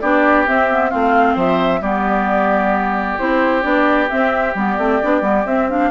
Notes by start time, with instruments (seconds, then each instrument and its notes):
0.00 bassoon B3, clarinet D4, oboe G4, flute D5
0.46 clarinet C4, bassoon C4, flute E5
0.70 clarinet B3
0.90 bassoon A3, clarinet C4, oboe F4, flute F5
1.34 bassoon F3, oboe C5, flute E5
1.80 bassoon G3, clarinet B3, oboe G4, flute D5
3.18 bassoon C4, clarinet E4, flute C5
3.62 bassoon B3, clarinet D4, flute D5
4.09 clarinet C4, bassoon C4, flute E5
4.54 bassoon G3, clarinet B3, flute D5
4.78 bassoon A3, clarinet C4
5.01 bassoon B3, clarinet D4
5.21 bassoon G3, clarinet B3
5.45 bassoon C4, clarinet C4, flute E5
5.69 clarinet D4, flute F5